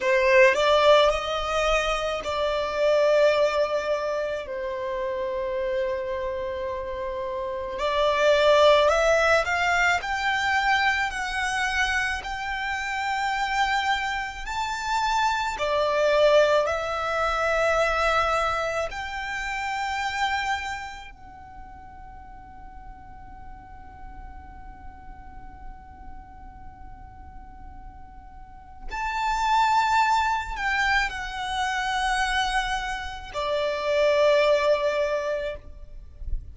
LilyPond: \new Staff \with { instrumentName = "violin" } { \time 4/4 \tempo 4 = 54 c''8 d''8 dis''4 d''2 | c''2. d''4 | e''8 f''8 g''4 fis''4 g''4~ | g''4 a''4 d''4 e''4~ |
e''4 g''2 fis''4~ | fis''1~ | fis''2 a''4. g''8 | fis''2 d''2 | }